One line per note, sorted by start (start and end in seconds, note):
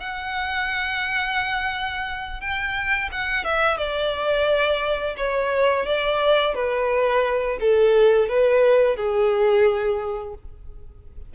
0.00 2.41 F#5
2.41 3.10 G5
3.12 3.45 F#5
3.45 3.77 E5
3.77 5.15 D5
5.17 5.86 C#5
5.86 6.55 D5
6.55 7.58 B4
7.60 8.29 A4
8.29 8.97 B4
8.97 10.34 G#4